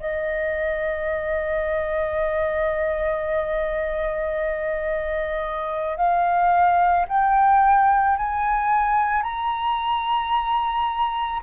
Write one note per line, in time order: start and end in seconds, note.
0.00 5.97 D#5
5.97 7.06 F5
7.09 8.17 G5
8.17 9.23 G#5
9.23 11.41 A#5